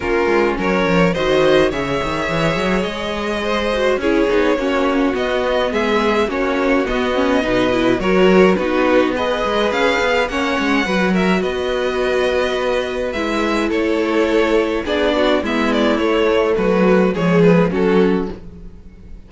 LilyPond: <<
  \new Staff \with { instrumentName = "violin" } { \time 4/4 \tempo 4 = 105 ais'4 cis''4 dis''4 e''4~ | e''4 dis''2 cis''4~ | cis''4 dis''4 e''4 cis''4 | dis''2 cis''4 b'4 |
dis''4 f''4 fis''4. e''8 | dis''2. e''4 | cis''2 d''4 e''8 d''8 | cis''4 b'4 cis''8 b'8 a'4 | }
  \new Staff \with { instrumentName = "violin" } { \time 4/4 f'4 ais'4 c''4 cis''4~ | cis''2 c''4 gis'4 | fis'2 gis'4 fis'4~ | fis'4 b'4 ais'4 fis'4 |
b'2 cis''4 b'8 ais'8 | b'1 | a'2 gis'8 fis'8 e'4~ | e'4 fis'4 gis'4 fis'4 | }
  \new Staff \with { instrumentName = "viola" } { \time 4/4 cis'2 fis'4 gis'4~ | gis'2~ gis'8 fis'8 e'8 dis'8 | cis'4 b2 cis'4 | b8 cis'8 dis'8 e'8 fis'4 dis'4 |
gis'2 cis'4 fis'4~ | fis'2. e'4~ | e'2 d'4 b4 | a2 gis4 cis'4 | }
  \new Staff \with { instrumentName = "cello" } { \time 4/4 ais8 gis8 fis8 f8 dis4 cis8 dis8 | e8 fis8 gis2 cis'8 b8 | ais4 b4 gis4 ais4 | b4 b,4 fis4 b4~ |
b8 gis8 cis'8 b8 ais8 gis8 fis4 | b2. gis4 | a2 b4 gis4 | a4 fis4 f4 fis4 | }
>>